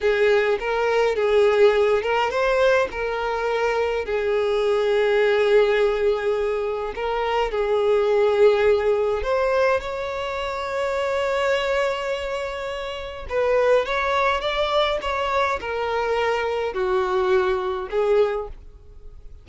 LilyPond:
\new Staff \with { instrumentName = "violin" } { \time 4/4 \tempo 4 = 104 gis'4 ais'4 gis'4. ais'8 | c''4 ais'2 gis'4~ | gis'1 | ais'4 gis'2. |
c''4 cis''2.~ | cis''2. b'4 | cis''4 d''4 cis''4 ais'4~ | ais'4 fis'2 gis'4 | }